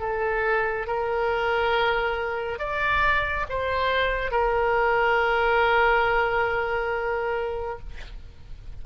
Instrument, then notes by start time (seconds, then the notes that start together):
oboe
0.00 A4
0.87 A#4
2.59 D5
3.49 C5
4.32 A#4